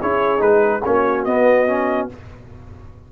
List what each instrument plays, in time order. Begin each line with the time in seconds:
0.00 tuba C#4, trombone E4, horn G#4, trumpet C#5
0.38 tuba G#3, trombone D#4, trumpet B4
0.84 tuba A#3, trombone C#4, horn F#4, trumpet C#5
1.24 tuba B3, trombone B3, trumpet D#5
1.67 trombone C#4